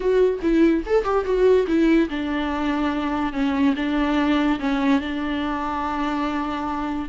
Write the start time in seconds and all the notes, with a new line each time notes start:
0.00 F#4
0.42 E4
0.86 A4
1.04 G4
1.24 F#4
1.67 E4
2.09 D4
3.32 C#4
3.76 D4
4.59 C#4
5.00 D4